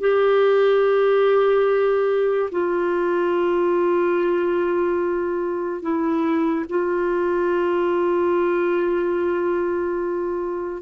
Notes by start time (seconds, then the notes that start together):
0.00 G4
2.51 F4
5.82 E4
6.69 F4